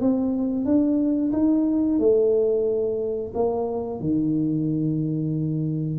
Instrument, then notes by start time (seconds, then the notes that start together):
tuba
0.00 C4
0.65 D4
1.32 D#4
1.98 A3
3.34 A#3
4.00 D#3